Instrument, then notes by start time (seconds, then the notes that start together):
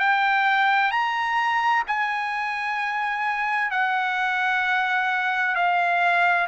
trumpet
0.00 G5
0.91 A#5
1.88 G#5
3.71 F#5
5.56 F5